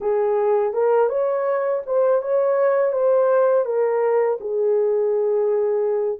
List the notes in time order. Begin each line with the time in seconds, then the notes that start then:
0.00 G#4
0.73 A#4
1.09 C#5
1.86 C5
2.22 C#5
2.92 C5
3.65 A#4
4.40 G#4